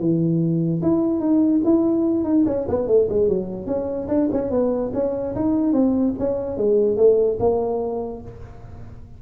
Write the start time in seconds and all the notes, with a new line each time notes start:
0.00 E3
0.83 E4
1.20 D#4
1.65 E4
2.24 D#4
2.47 C#4
2.69 B3
2.88 A3
3.10 G#3
3.29 F#3
3.67 C#4
4.09 D4
4.33 C#4
4.51 B3
4.94 C#4
5.36 D#4
5.73 C4
6.19 C#4
6.58 G#3
6.97 A3
7.40 A#3